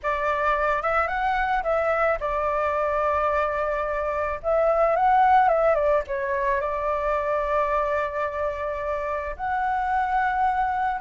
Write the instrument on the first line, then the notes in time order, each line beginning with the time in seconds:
flute
0.02 D5
0.82 E5
1.07 F#5
1.63 E5
2.20 D5
4.43 E5
4.96 F#5
5.48 E5
5.74 D5
6.07 C#5
6.60 D5
9.36 F#5